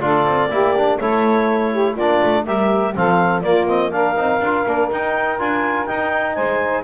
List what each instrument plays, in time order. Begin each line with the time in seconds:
0.00 double bass D4, trombone F4, saxophone A4, clarinet D5
0.25 double bass C4
0.49 double bass A#3, trombone E4, saxophone G4
0.77 trombone D4
0.99 double bass A3, trombone E4, saxophone A4, clarinet C#5
1.72 saxophone G4
1.93 double bass A#3, saxophone F4, clarinet D5
2.00 trombone D4
2.23 double bass A3
2.45 double bass G3, trombone G4, saxophone A#4, clarinet E5
2.94 double bass F3, trombone C4, saxophone A4, clarinet F5
3.42 trombone A#3, double bass A#3, saxophone F4, clarinet D5
3.66 trombone C4, clarinet D#5
3.91 trombone D4, saxophone A#4, clarinet F5
4.15 double bass C4, trombone D#4
4.40 double bass D4, trombone F4
4.66 double bass A#3, trombone D4
4.91 double bass D#4, trombone D#4, clarinet G5
5.38 double bass D4, trombone F4, clarinet G#5
5.86 trombone D#4, double bass D#4, clarinet G5
6.34 double bass G#3, saxophone C5, clarinet G#5